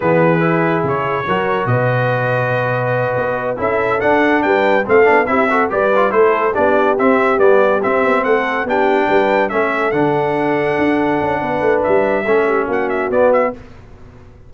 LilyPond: <<
  \new Staff \with { instrumentName = "trumpet" } { \time 4/4 \tempo 4 = 142 b'2 cis''2 | dis''1~ | dis''8 e''4 fis''4 g''4 f''8~ | f''8 e''4 d''4 c''4 d''8~ |
d''8 e''4 d''4 e''4 fis''8~ | fis''8 g''2 e''4 fis''8~ | fis''1 | e''2 fis''8 e''8 d''8 e''8 | }
  \new Staff \with { instrumentName = "horn" } { \time 4/4 gis'2. ais'4 | b'1~ | b'8 a'2 b'4 a'8~ | a'8 g'8 a'8 b'4 a'4 g'8~ |
g'2.~ g'8 a'8~ | a'8 g'4 b'4 a'4.~ | a'2. b'4~ | b'4 a'8 g'8 fis'2 | }
  \new Staff \with { instrumentName = "trombone" } { \time 4/4 b4 e'2 fis'4~ | fis'1~ | fis'8 e'4 d'2 c'8 | d'8 e'8 fis'8 g'8 f'8 e'4 d'8~ |
d'8 c'4 b4 c'4.~ | c'8 d'2 cis'4 d'8~ | d'1~ | d'4 cis'2 b4 | }
  \new Staff \with { instrumentName = "tuba" } { \time 4/4 e2 cis4 fis4 | b,2.~ b,8 b8~ | b8 cis'4 d'4 g4 a8 | b8 c'4 g4 a4 b8~ |
b8 c'4 g4 c'8 b8 a8~ | a8 b4 g4 a4 d8~ | d4. d'4 cis'8 b8 a8 | g4 a4 ais4 b4 | }
>>